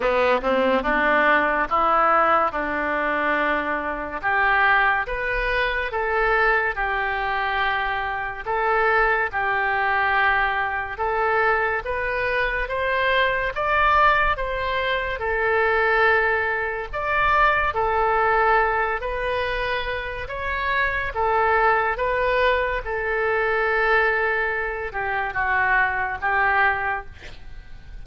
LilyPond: \new Staff \with { instrumentName = "oboe" } { \time 4/4 \tempo 4 = 71 b8 c'8 d'4 e'4 d'4~ | d'4 g'4 b'4 a'4 | g'2 a'4 g'4~ | g'4 a'4 b'4 c''4 |
d''4 c''4 a'2 | d''4 a'4. b'4. | cis''4 a'4 b'4 a'4~ | a'4. g'8 fis'4 g'4 | }